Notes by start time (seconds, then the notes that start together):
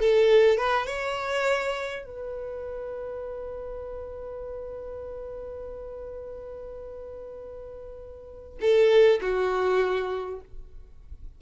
0.00 A4
0.58 B4
0.87 C#5
2.05 B4
8.61 A4
9.22 F#4